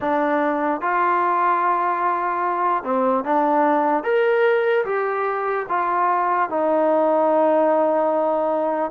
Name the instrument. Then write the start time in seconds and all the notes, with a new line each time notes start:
trombone
0.00 D4
0.81 F4
2.83 C4
3.24 D4
4.03 A#4
4.85 G4
5.68 F4
6.49 D#4